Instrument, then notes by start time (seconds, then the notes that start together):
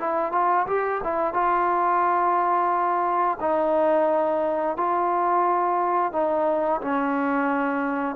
trombone
0.00 E4
0.33 F4
0.68 G4
1.04 E4
1.34 F4
3.41 D#4
4.77 F4
6.13 D#4
6.82 C#4